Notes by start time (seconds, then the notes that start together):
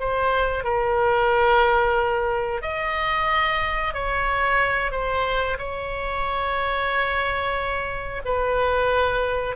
0.00 C5
0.64 A#4
2.62 D#5
3.94 C#5
4.92 C5
5.58 C#5
8.25 B4